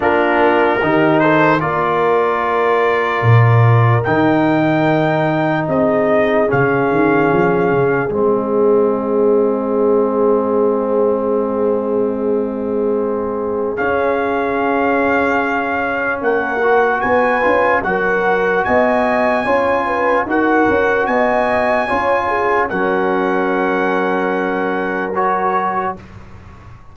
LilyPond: <<
  \new Staff \with { instrumentName = "trumpet" } { \time 4/4 \tempo 4 = 74 ais'4. c''8 d''2~ | d''4 g''2 dis''4 | f''2 dis''2~ | dis''1~ |
dis''4 f''2. | fis''4 gis''4 fis''4 gis''4~ | gis''4 fis''4 gis''2 | fis''2. cis''4 | }
  \new Staff \with { instrumentName = "horn" } { \time 4/4 f'4 g'8 a'8 ais'2~ | ais'2. gis'4~ | gis'1~ | gis'1~ |
gis'1 | ais'4 b'4 ais'4 dis''4 | cis''8 b'8 ais'4 dis''4 cis''8 gis'8 | ais'1 | }
  \new Staff \with { instrumentName = "trombone" } { \time 4/4 d'4 dis'4 f'2~ | f'4 dis'2. | cis'2 c'2~ | c'1~ |
c'4 cis'2.~ | cis'8 fis'4 f'8 fis'2 | f'4 fis'2 f'4 | cis'2. fis'4 | }
  \new Staff \with { instrumentName = "tuba" } { \time 4/4 ais4 dis4 ais2 | ais,4 dis2 c'4 | cis8 dis8 f8 cis8 gis2~ | gis1~ |
gis4 cis'2. | ais4 b8 cis'8 fis4 b4 | cis'4 dis'8 cis'8 b4 cis'4 | fis1 | }
>>